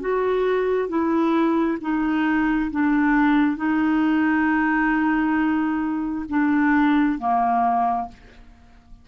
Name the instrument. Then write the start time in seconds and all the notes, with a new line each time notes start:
clarinet
0.00 F#4
0.88 E4
1.81 D#4
2.71 D4
3.57 D#4
6.28 D4
7.18 A#3